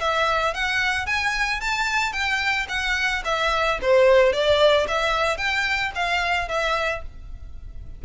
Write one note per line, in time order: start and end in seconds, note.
0.00 0.54 E5
0.54 1.06 F#5
1.06 1.60 G#5
1.60 2.12 A5
2.12 2.66 G5
2.68 3.22 F#5
3.24 3.78 E5
3.81 4.32 C5
4.32 4.86 D5
4.87 5.37 E5
5.37 5.91 G5
5.95 6.48 F5
6.48 7.02 E5